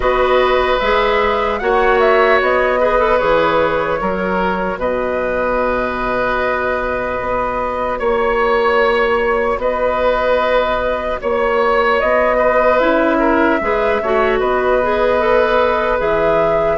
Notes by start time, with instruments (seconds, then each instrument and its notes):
0.00 bassoon B3, clarinet F#4, oboe B4, flute D#5
0.79 bassoon G#3, clarinet G#4, flute E5
1.58 bassoon A#3, clarinet F#4, oboe C#5, flute F#5
1.99 flute E5
2.41 bassoon B3, flute D#5
2.80 clarinet G#4, oboe B4
2.98 clarinet A4
3.18 bassoon E3, clarinet G#4, flute C#5
3.98 bassoon F#3, clarinet F#4, oboe A#4
4.77 bassoon B2, oboe B4, flute D#5
7.20 bassoon B3
7.98 bassoon A#3, flute C#5, oboe C#5
9.57 bassoon B3, oboe B4, flute D#5
11.21 bassoon A#3, oboe C#5, flute C#5
12.00 bassoon B3, flute D#5
12.36 oboe B4
12.78 bassoon C#4, clarinet E4, flute E5
13.19 oboe A#4
13.60 bassoon G#3, clarinet G#4, oboe B4
14.02 bassoon A3, clarinet F#4, oboe C#5
14.39 bassoon B3, oboe B4, flute D#5
14.82 clarinet G#4
15.19 clarinet A4
15.98 bassoon E3, clarinet G#4, flute E5